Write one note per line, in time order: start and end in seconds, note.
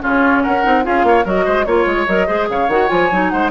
0.00 0.45 C#3
0.00 0.62 C#4
0.00 0.43 F4
0.00 0.44 C#5
0.43 0.66 C#4
0.43 0.85 A#4
0.43 0.85 F#5
0.64 0.87 C4
0.64 0.84 D#4
0.84 1.04 C#4
0.84 1.25 F4
0.84 1.07 G#4
0.84 1.27 F5
1.04 1.25 A#3
1.04 1.25 C#5
1.25 1.46 F#3
1.25 1.67 F#4
1.25 1.45 A#4
1.25 1.65 D#5
1.45 1.67 G#3
1.45 1.66 C5
1.65 1.86 A#3
1.65 2.08 F4
1.65 2.06 C#5
1.65 2.28 C#5
1.86 2.07 G#3
2.07 2.29 F#3
2.07 2.27 A#4
2.07 2.48 D#5
2.27 2.50 G#3
2.27 2.69 G#4
2.27 2.48 C5
2.50 2.69 C#3
2.50 3.33 C#5
2.50 2.70 F5
2.69 2.89 D#3
2.69 2.88 F#4
2.69 2.89 F#5
2.88 3.12 F3
2.88 3.09 F4
2.88 3.30 G#5
3.12 3.32 F#3
3.12 3.52 D#4
3.30 3.52 G#3
3.30 3.52 C5
3.30 3.50 F#5